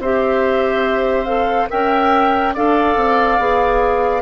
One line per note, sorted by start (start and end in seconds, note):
0.00 1.69 C4
0.00 1.27 G4
0.00 1.70 C5
0.00 1.26 E5
1.26 1.69 A4
1.26 1.68 F5
1.70 2.57 C#4
1.70 2.54 A#4
1.70 2.55 E5
1.70 2.55 G5
2.55 2.97 D4
2.55 3.40 A4
2.55 4.22 D5
2.55 4.22 F5
2.97 3.39 C4
3.39 4.22 B3
3.39 4.22 G#4